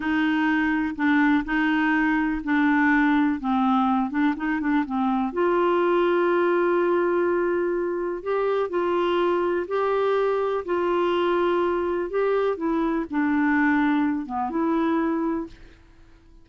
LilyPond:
\new Staff \with { instrumentName = "clarinet" } { \time 4/4 \tempo 4 = 124 dis'2 d'4 dis'4~ | dis'4 d'2 c'4~ | c'8 d'8 dis'8 d'8 c'4 f'4~ | f'1~ |
f'4 g'4 f'2 | g'2 f'2~ | f'4 g'4 e'4 d'4~ | d'4. b8 e'2 | }